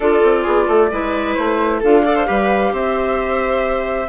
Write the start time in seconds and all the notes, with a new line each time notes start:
0.00 D4 F4 A4 D5
0.23 C4
0.43 B3 G#4
0.68 A3 A4
0.91 G#3 E4 B4
1.34 A3 C5
1.80 D4 F4 A4 F5
2.04 A4 D5
2.15 C5
2.26 G3 G4 B4
2.72 C4 C5 E5